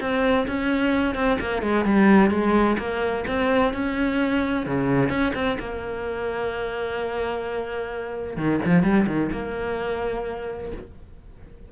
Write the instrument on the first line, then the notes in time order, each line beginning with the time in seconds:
cello
0.00 C4
0.48 C#4
1.15 C4
1.40 A#3
1.62 G#3
1.85 G3
2.30 G#3
2.78 A#3
3.27 C4
3.73 C#4
4.66 C#3
5.09 C#4
5.34 C4
5.59 A#3
8.37 D#3
8.65 F3
8.83 G3
9.07 D#3
9.32 A#3